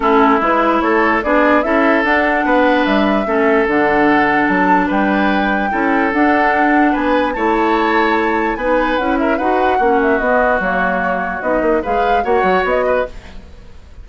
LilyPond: <<
  \new Staff \with { instrumentName = "flute" } { \time 4/4 \tempo 4 = 147 a'4 b'4 cis''4 d''4 | e''4 fis''2 e''4~ | e''4 fis''2 a''4 | g''2. fis''4~ |
fis''4 gis''4 a''2~ | a''4 gis''4 fis''8 e''8 fis''4~ | fis''8 e''8 dis''4 cis''2 | dis''4 f''4 fis''4 dis''4 | }
  \new Staff \with { instrumentName = "oboe" } { \time 4/4 e'2 a'4 gis'4 | a'2 b'2 | a'1 | b'2 a'2~ |
a'4 b'4 cis''2~ | cis''4 b'4. ais'8 b'4 | fis'1~ | fis'4 b'4 cis''4. b'8 | }
  \new Staff \with { instrumentName = "clarinet" } { \time 4/4 cis'4 e'2 d'4 | e'4 d'2. | cis'4 d'2.~ | d'2 e'4 d'4~ |
d'2 e'2~ | e'4 dis'4 e'4 fis'4 | cis'4 b4 ais2 | dis'4 gis'4 fis'2 | }
  \new Staff \with { instrumentName = "bassoon" } { \time 4/4 a4 gis4 a4 b4 | cis'4 d'4 b4 g4 | a4 d2 fis4 | g2 cis'4 d'4~ |
d'4 b4 a2~ | a4 b4 cis'4 dis'4 | ais4 b4 fis2 | b8 ais8 gis4 ais8 fis8 b4 | }
>>